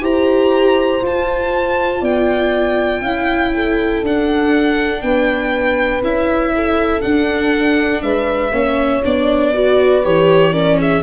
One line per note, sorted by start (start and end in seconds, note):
0.00 1.01 E4
0.00 1.00 G4
0.00 2.01 C5
0.00 1.04 A#5
1.02 2.01 F4
1.02 3.05 F4
1.02 2.04 A5
2.01 3.01 B3
2.01 3.01 D5
2.01 4.04 G5
3.01 4.01 C#4
3.01 4.05 E4
3.01 3.51 F5
3.54 5.03 A4
4.03 5.02 D4
4.03 6.03 D4
4.03 5.01 F#5
5.01 6.02 B3
5.01 6.52 B4
5.01 6.01 G5
6.02 7.02 C#4
6.02 7.02 E4
6.02 7.01 E5
6.55 8.03 A4
7.01 8.52 D4
7.01 8.02 D4
7.01 8.01 F#5
8.02 8.51 G#3
8.02 8.52 B4
8.02 9.02 E5
8.51 9.01 A#3
8.51 9.03 C#4
8.51 9.52 C#5
9.04 10.05 B3
9.04 9.54 D4
9.04 10.05 D5
9.53 10.03 F#4
9.53 10.53 B4
10.03 11.03 E3
10.03 10.53 G4
10.03 10.53 C#5
10.53 11.03 C#4
10.53 10.78 A#4
10.53 10.78 D5
10.78 11.03 G#4
10.78 11.03 E5